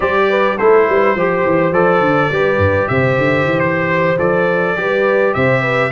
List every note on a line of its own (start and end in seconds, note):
0.00 0.57 G3
0.00 0.58 G4
0.00 0.25 C5
0.00 0.58 D5
0.29 0.57 B4
0.57 0.88 A3
0.57 1.16 E4
0.57 0.86 A4
0.57 1.73 C5
0.88 1.15 G3
0.88 1.15 B4
1.15 1.44 F3
1.15 1.73 G4
1.15 2.31 C5
1.45 1.71 E3
1.71 2.00 F3
1.71 2.31 A4
1.71 2.88 D5
2.00 2.29 D3
2.31 2.57 G3
2.31 4.18 G4
2.31 2.90 B4
2.57 2.86 G2
2.88 3.18 C3
2.88 4.78 C5
2.88 3.59 E5
3.18 3.45 D3
3.45 4.17 E3
3.59 4.17 C5
4.18 4.75 F3
4.18 4.75 A4
4.18 5.33 D5
4.75 5.34 G3
4.75 5.91 G4
4.75 5.35 B4
5.33 5.91 C3
5.33 5.61 C5
5.33 5.91 E5
5.61 5.90 B4